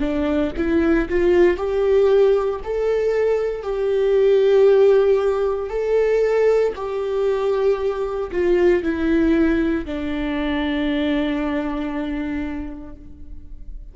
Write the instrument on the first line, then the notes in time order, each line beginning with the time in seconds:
viola
0.00 D4
0.57 E4
1.09 F4
1.57 G4
2.64 A4
3.63 G4
5.70 A4
6.76 G4
8.31 F4
8.83 E4
9.86 D4